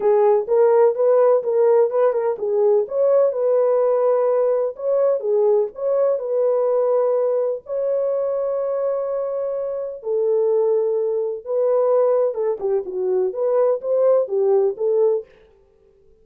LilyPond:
\new Staff \with { instrumentName = "horn" } { \time 4/4 \tempo 4 = 126 gis'4 ais'4 b'4 ais'4 | b'8 ais'8 gis'4 cis''4 b'4~ | b'2 cis''4 gis'4 | cis''4 b'2. |
cis''1~ | cis''4 a'2. | b'2 a'8 g'8 fis'4 | b'4 c''4 g'4 a'4 | }